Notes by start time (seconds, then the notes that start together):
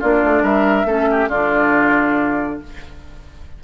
0.00 A#3 D4 F4 D5
0.24 A3
0.42 G3 A#4 E5
0.85 A3 C#4 A4
1.11 G4
1.28 D3 D4 F4 D5